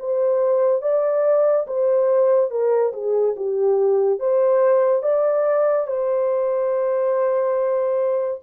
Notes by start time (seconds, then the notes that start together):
0.00 C5
0.82 D5
1.67 C5
2.51 A#4
2.93 G#4
3.37 G4
4.20 C5
5.03 D5
5.87 C5